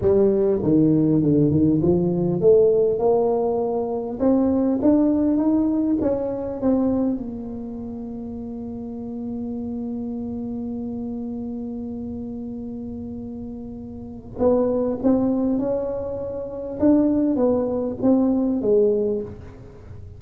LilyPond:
\new Staff \with { instrumentName = "tuba" } { \time 4/4 \tempo 4 = 100 g4 dis4 d8 dis8 f4 | a4 ais2 c'4 | d'4 dis'4 cis'4 c'4 | ais1~ |
ais1~ | ais1 | b4 c'4 cis'2 | d'4 b4 c'4 gis4 | }